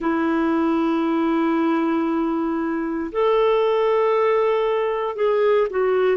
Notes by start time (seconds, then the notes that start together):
0.00 E4
3.11 A4
5.15 G#4
5.69 F#4